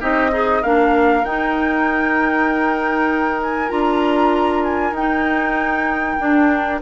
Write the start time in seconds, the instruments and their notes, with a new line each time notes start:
0.00 bassoon C4, clarinet D#4, oboe G4, flute D#5
0.31 oboe D#4, clarinet G#4
0.62 bassoon A#3, clarinet D4, oboe A#4, flute F5
1.23 bassoon D#4, clarinet D#4, flute G5
3.42 flute G#5
3.69 bassoon D4, clarinet F4, flute A#5
4.63 flute G#5
4.91 bassoon D#4, flute G5
4.98 clarinet D#4
6.18 clarinet D4, bassoon D4